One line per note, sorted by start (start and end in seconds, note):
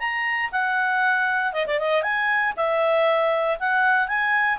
0.00 0.51 A#5
0.52 1.53 F#5
1.53 1.66 D#5
1.67 1.80 D5
1.80 2.03 D#5
2.03 2.54 G#5
2.57 3.59 E5
3.60 4.08 F#5
4.08 4.59 G#5